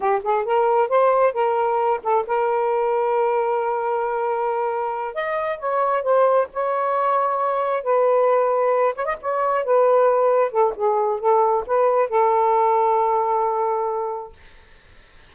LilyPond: \new Staff \with { instrumentName = "saxophone" } { \time 4/4 \tempo 4 = 134 g'8 gis'8 ais'4 c''4 ais'4~ | ais'8 a'8 ais'2.~ | ais'2.~ ais'8 dis''8~ | dis''8 cis''4 c''4 cis''4.~ |
cis''4. b'2~ b'8 | cis''16 dis''16 cis''4 b'2 a'8 | gis'4 a'4 b'4 a'4~ | a'1 | }